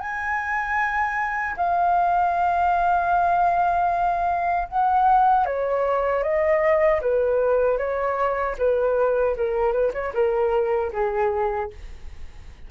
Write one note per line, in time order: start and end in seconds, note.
0.00 1.56 G#5
1.56 4.68 F5
4.68 5.45 F#5
5.45 6.23 C#5
6.23 7.01 D#5
7.01 7.78 B4
7.78 8.56 C#5
8.58 9.36 B4
9.36 9.72 A#4
9.72 9.92 B4
9.94 10.13 C#5
10.14 10.92 A#4
10.93 11.71 G#4